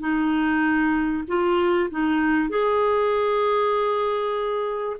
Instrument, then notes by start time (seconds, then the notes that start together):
clarinet
0.00 D#4
1.28 F4
1.91 D#4
2.49 G#4